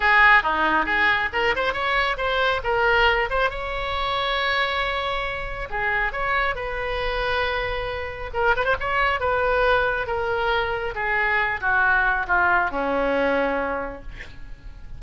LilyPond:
\new Staff \with { instrumentName = "oboe" } { \time 4/4 \tempo 4 = 137 gis'4 dis'4 gis'4 ais'8 c''8 | cis''4 c''4 ais'4. c''8 | cis''1~ | cis''4 gis'4 cis''4 b'4~ |
b'2. ais'8 b'16 c''16 | cis''4 b'2 ais'4~ | ais'4 gis'4. fis'4. | f'4 cis'2. | }